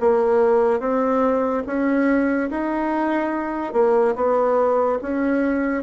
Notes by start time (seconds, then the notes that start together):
0.00 A#3
0.80 C4
1.66 C#4
2.50 D#4
3.73 A#3
4.15 B3
5.02 C#4